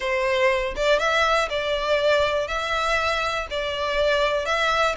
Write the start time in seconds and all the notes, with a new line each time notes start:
0.00 C5
0.76 D5
0.99 E5
1.49 D5
2.47 E5
3.50 D5
4.45 E5